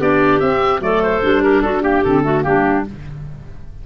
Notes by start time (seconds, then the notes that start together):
0.00 B3 D4 G4 D5
0.40 C4 E5
0.80 F#3 A3 A4 D5
1.03 C5
1.22 G3 D4
1.43 G4 A#4
1.62 D4 F#4 A4
1.82 A#3 G4
2.04 D3 C4 A4
2.24 A3 F#4
2.41 G3 A#3 D4 G4